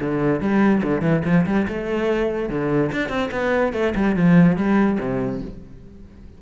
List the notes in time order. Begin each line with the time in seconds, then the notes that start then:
0.00 D3
0.41 G3
0.83 D3
1.01 E3
1.25 F3
1.46 G3
1.68 A3
2.49 D3
2.92 D4
3.09 C4
3.31 B3
3.73 A3
3.95 G3
4.16 F3
4.56 G3
4.99 C3